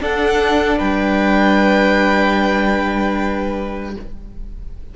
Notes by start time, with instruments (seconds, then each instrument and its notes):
0.00 cello D4, viola D4, violin A4 F#5
0.78 cello G3, violin B4 G5